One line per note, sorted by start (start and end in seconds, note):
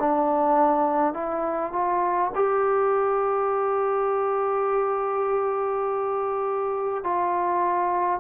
0.00 1.13 D4
1.13 1.72 E4
1.72 2.31 F4
2.35 7.04 G4
7.04 8.20 F4